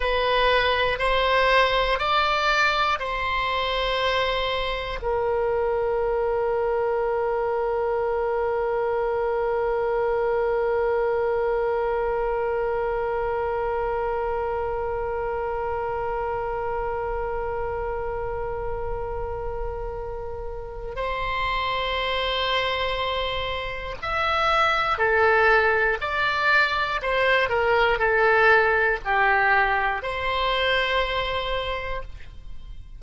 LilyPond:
\new Staff \with { instrumentName = "oboe" } { \time 4/4 \tempo 4 = 60 b'4 c''4 d''4 c''4~ | c''4 ais'2.~ | ais'1~ | ais'1~ |
ais'1~ | ais'4 c''2. | e''4 a'4 d''4 c''8 ais'8 | a'4 g'4 c''2 | }